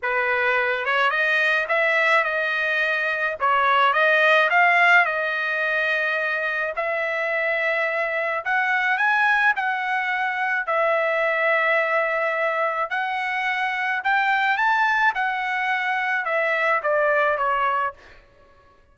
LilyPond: \new Staff \with { instrumentName = "trumpet" } { \time 4/4 \tempo 4 = 107 b'4. cis''8 dis''4 e''4 | dis''2 cis''4 dis''4 | f''4 dis''2. | e''2. fis''4 |
gis''4 fis''2 e''4~ | e''2. fis''4~ | fis''4 g''4 a''4 fis''4~ | fis''4 e''4 d''4 cis''4 | }